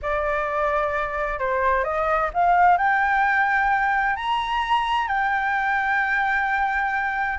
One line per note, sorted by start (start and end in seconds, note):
0.01 1.39 D5
1.39 1.84 C5
1.84 2.30 D#5
2.33 2.77 F5
2.77 4.16 G5
4.16 5.07 A#5
5.07 7.38 G5